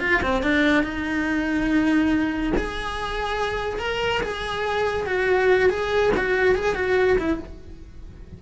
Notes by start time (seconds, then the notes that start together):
0.00 F4
0.22 C4
0.42 D4
0.83 D#4
2.56 G#4
3.79 A#4
4.22 G#4
5.06 F#4
5.69 G#4
6.16 F#4
6.55 G#4
6.75 F#4
7.18 E4